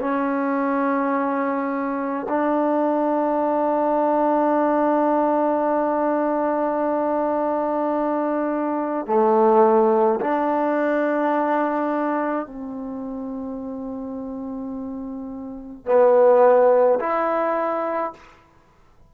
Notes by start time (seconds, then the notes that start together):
0.00 C#4
2.28 D4
9.06 A3
10.20 D4
12.46 C4
15.85 B3
17.00 E4